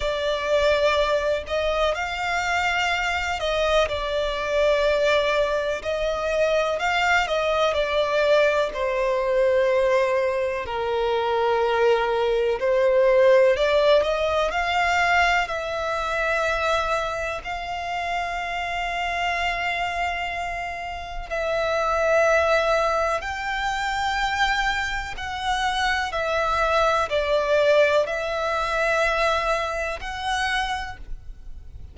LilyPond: \new Staff \with { instrumentName = "violin" } { \time 4/4 \tempo 4 = 62 d''4. dis''8 f''4. dis''8 | d''2 dis''4 f''8 dis''8 | d''4 c''2 ais'4~ | ais'4 c''4 d''8 dis''8 f''4 |
e''2 f''2~ | f''2 e''2 | g''2 fis''4 e''4 | d''4 e''2 fis''4 | }